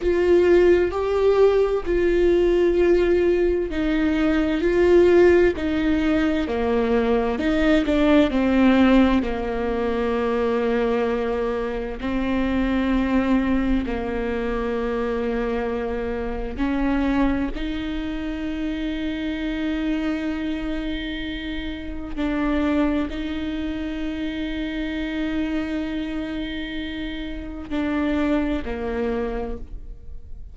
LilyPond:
\new Staff \with { instrumentName = "viola" } { \time 4/4 \tempo 4 = 65 f'4 g'4 f'2 | dis'4 f'4 dis'4 ais4 | dis'8 d'8 c'4 ais2~ | ais4 c'2 ais4~ |
ais2 cis'4 dis'4~ | dis'1 | d'4 dis'2.~ | dis'2 d'4 ais4 | }